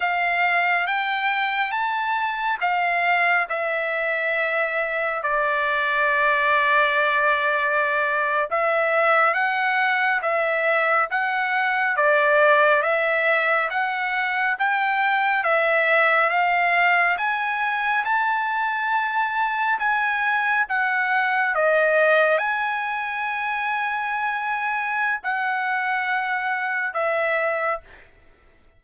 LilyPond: \new Staff \with { instrumentName = "trumpet" } { \time 4/4 \tempo 4 = 69 f''4 g''4 a''4 f''4 | e''2 d''2~ | d''4.~ d''16 e''4 fis''4 e''16~ | e''8. fis''4 d''4 e''4 fis''16~ |
fis''8. g''4 e''4 f''4 gis''16~ | gis''8. a''2 gis''4 fis''16~ | fis''8. dis''4 gis''2~ gis''16~ | gis''4 fis''2 e''4 | }